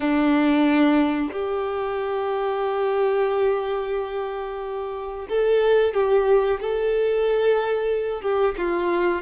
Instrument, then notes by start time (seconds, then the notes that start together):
violin
0.00 D4
1.32 G4
5.29 A4
5.93 G4
6.60 A4
8.21 G4
8.57 F4